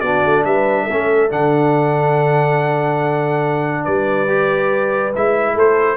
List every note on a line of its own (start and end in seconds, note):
0.00 0.23 B3
0.00 0.90 D4
0.00 0.44 F#4
0.00 0.43 D5
0.25 0.45 A3
0.44 0.87 G3
0.44 0.83 B4
0.44 1.30 E5
0.83 3.81 A4
0.90 1.31 A3
0.90 1.29 C#4
1.29 3.86 D3
1.29 4.27 D4
1.29 3.84 F#5
3.84 5.14 G3
3.84 5.54 B4
3.84 5.12 D5
4.27 5.12 G4
5.15 5.55 G#3
5.15 5.96 E4
5.15 5.58 E5
5.54 5.96 A3
5.54 5.96 A4
5.54 5.96 C5